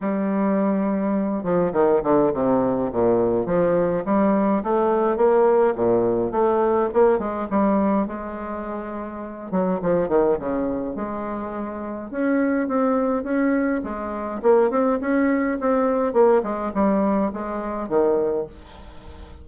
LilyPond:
\new Staff \with { instrumentName = "bassoon" } { \time 4/4 \tempo 4 = 104 g2~ g8 f8 dis8 d8 | c4 ais,4 f4 g4 | a4 ais4 ais,4 a4 | ais8 gis8 g4 gis2~ |
gis8 fis8 f8 dis8 cis4 gis4~ | gis4 cis'4 c'4 cis'4 | gis4 ais8 c'8 cis'4 c'4 | ais8 gis8 g4 gis4 dis4 | }